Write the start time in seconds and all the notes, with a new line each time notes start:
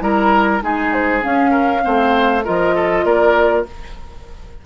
0.00 G3 E4 A#4 A#5
0.61 G#3 D#4 G#4 G#5
0.93 C5
1.22 C#4 F5
1.51 A#4
1.82 A3 C4 C5
2.45 F3 F4 A#4 D#5
2.75 A4
3.05 A#3 A#4 D5